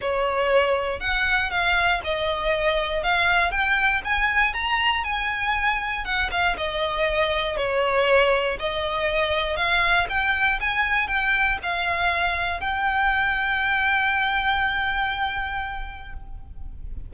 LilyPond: \new Staff \with { instrumentName = "violin" } { \time 4/4 \tempo 4 = 119 cis''2 fis''4 f''4 | dis''2 f''4 g''4 | gis''4 ais''4 gis''2 | fis''8 f''8 dis''2 cis''4~ |
cis''4 dis''2 f''4 | g''4 gis''4 g''4 f''4~ | f''4 g''2.~ | g''1 | }